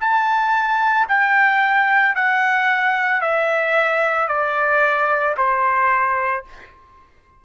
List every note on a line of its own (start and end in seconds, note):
0.00 1.07 A5
1.09 2.15 G5
2.15 3.21 F#5
3.21 4.28 E5
4.28 5.35 D5
5.37 6.44 C5